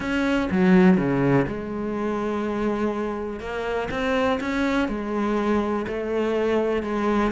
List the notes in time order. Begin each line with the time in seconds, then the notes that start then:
0.00 C#4
0.51 F#3
0.97 C#3
1.47 G#3
3.40 A#3
3.90 C4
4.40 C#4
4.88 G#3
5.87 A3
6.82 G#3